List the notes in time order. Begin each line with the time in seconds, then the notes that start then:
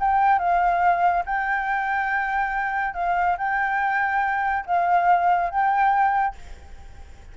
0.00 G5
0.38 F5
1.25 G5
2.94 F5
3.38 G5
4.66 F5
5.50 G5